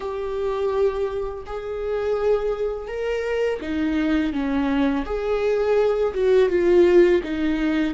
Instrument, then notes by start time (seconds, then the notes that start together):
viola
0.00 G4
1.46 G#4
2.87 A#4
3.61 D#4
4.32 C#4
5.05 G#4
6.13 F#4
6.49 F4
7.23 D#4